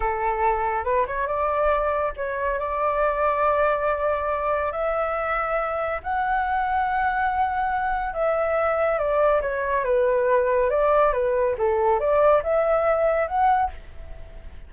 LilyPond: \new Staff \with { instrumentName = "flute" } { \time 4/4 \tempo 4 = 140 a'2 b'8 cis''8 d''4~ | d''4 cis''4 d''2~ | d''2. e''4~ | e''2 fis''2~ |
fis''2. e''4~ | e''4 d''4 cis''4 b'4~ | b'4 d''4 b'4 a'4 | d''4 e''2 fis''4 | }